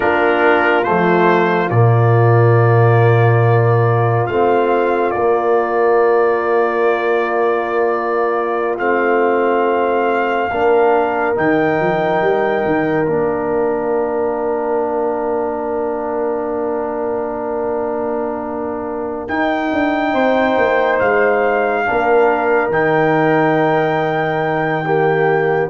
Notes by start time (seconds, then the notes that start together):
0.00 A#3 D4 F4 A#4
0.83 F3 A3 C5
1.70 A#2 A#3 D5
4.26 A3 C4 F5
5.11 A#3 D5
8.78 A3 C4 F5
10.51 A#3 D4 A#4
11.34 D#3 D#4 G5
11.79 F3
12.21 G3
12.65 D#3
13.07 A#3 D4 F5
19.27 D#4 G5
19.72 D4
20.12 C4 C5
20.57 A#3
20.99 G#3 F5
21.85 A#3 D4 A#4
22.69 D#3 D#4 G5
24.84 A#3 G4